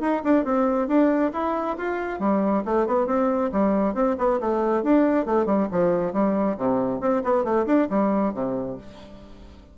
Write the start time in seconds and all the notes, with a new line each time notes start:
0.00 D#4
0.24 D4
0.44 C4
0.87 D4
1.33 E4
1.77 F4
2.19 G3
2.65 A3
2.86 B3
3.07 C4
3.52 G3
3.94 C4
4.18 B3
4.40 A3
4.83 D4
5.26 A3
5.46 G3
5.71 F3
6.13 G3
6.57 C3
7.01 C4
7.23 B3
7.44 A3
7.66 D4
7.90 G3
8.34 C3